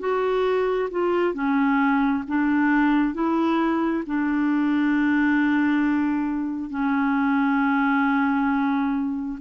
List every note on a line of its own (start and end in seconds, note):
0.00 0.90 F#4
0.91 1.34 F4
1.34 2.24 C#4
2.28 3.14 D4
3.14 4.04 E4
4.07 6.70 D4
6.70 9.39 C#4